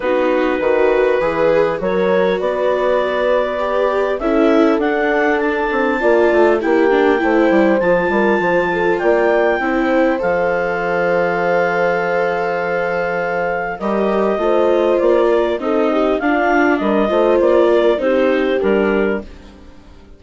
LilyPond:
<<
  \new Staff \with { instrumentName = "clarinet" } { \time 4/4 \tempo 4 = 100 b'2. cis''4 | d''2. e''4 | fis''4 a''2 g''4~ | g''4 a''2 g''4~ |
g''4 f''2.~ | f''2. dis''4~ | dis''4 d''4 dis''4 f''4 | dis''4 d''4 c''4 ais'4 | }
  \new Staff \with { instrumentName = "horn" } { \time 4/4 fis'4 b'2 ais'4 | b'2. a'4~ | a'2 d''4 g'4 | c''4. ais'8 c''8 a'8 d''4 |
c''1~ | c''2. ais'4 | c''4. ais'8 a'8 g'8 f'4 | ais'8 c''4 ais'8 g'2 | }
  \new Staff \with { instrumentName = "viola" } { \time 4/4 dis'4 fis'4 gis'4 fis'4~ | fis'2 g'4 e'4 | d'2 f'4 e'8 d'8 | e'4 f'2. |
e'4 a'2.~ | a'2. g'4 | f'2 dis'4 d'4~ | d'8 f'4. dis'4 d'4 | }
  \new Staff \with { instrumentName = "bassoon" } { \time 4/4 b4 dis4 e4 fis4 | b2. cis'4 | d'4. c'8 ais8 a8 ais4 | a8 g8 f8 g8 f4 ais4 |
c'4 f2.~ | f2. g4 | a4 ais4 c'4 d'4 | g8 a8 ais4 c'4 g4 | }
>>